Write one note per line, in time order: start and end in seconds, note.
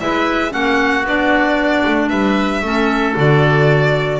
0.00 0.54 G#3
0.00 0.50 E4
0.00 0.52 B4
0.00 0.53 E5
0.50 1.04 A#3
0.50 1.03 C#4
0.50 2.09 F#4
0.50 1.05 F#5
1.04 1.83 B3
1.04 2.64 D4
1.04 2.09 D5
1.86 2.10 A3
2.09 2.62 G3
2.09 2.62 B4
2.09 3.14 E5
2.62 3.15 A3
2.62 3.16 C#4
2.62 4.20 A4
3.16 4.20 D3
3.16 4.20 F#4
3.16 4.20 D5